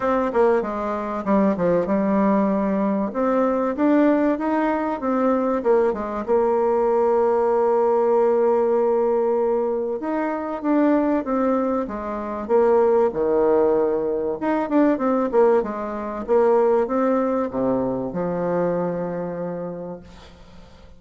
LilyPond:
\new Staff \with { instrumentName = "bassoon" } { \time 4/4 \tempo 4 = 96 c'8 ais8 gis4 g8 f8 g4~ | g4 c'4 d'4 dis'4 | c'4 ais8 gis8 ais2~ | ais1 |
dis'4 d'4 c'4 gis4 | ais4 dis2 dis'8 d'8 | c'8 ais8 gis4 ais4 c'4 | c4 f2. | }